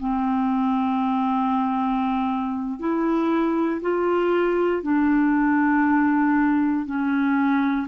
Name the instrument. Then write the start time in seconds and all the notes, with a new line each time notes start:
clarinet
0.00 C4
2.80 E4
3.82 F4
4.83 D4
6.86 C#4